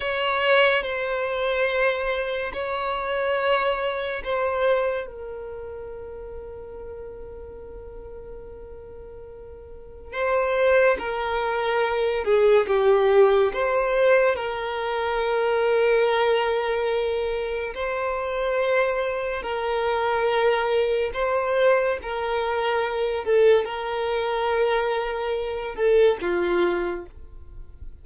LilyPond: \new Staff \with { instrumentName = "violin" } { \time 4/4 \tempo 4 = 71 cis''4 c''2 cis''4~ | cis''4 c''4 ais'2~ | ais'1 | c''4 ais'4. gis'8 g'4 |
c''4 ais'2.~ | ais'4 c''2 ais'4~ | ais'4 c''4 ais'4. a'8 | ais'2~ ais'8 a'8 f'4 | }